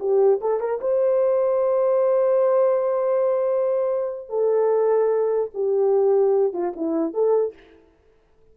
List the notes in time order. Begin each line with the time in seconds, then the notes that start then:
0.00 G4
0.41 A4
0.60 A#4
0.81 C5
4.30 A4
5.54 G4
6.54 F4
6.77 E4
7.14 A4